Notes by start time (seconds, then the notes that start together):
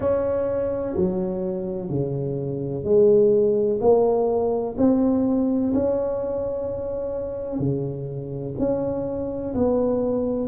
0.00 C#4
0.96 F#3
1.89 C#3
2.84 G#3
3.81 A#3
4.77 C4
5.74 C#4
7.59 C#3
8.58 C#4
9.54 B3